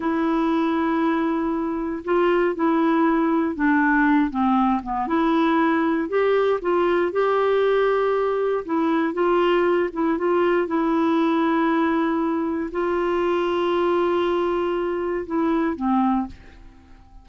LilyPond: \new Staff \with { instrumentName = "clarinet" } { \time 4/4 \tempo 4 = 118 e'1 | f'4 e'2 d'4~ | d'8 c'4 b8 e'2 | g'4 f'4 g'2~ |
g'4 e'4 f'4. e'8 | f'4 e'2.~ | e'4 f'2.~ | f'2 e'4 c'4 | }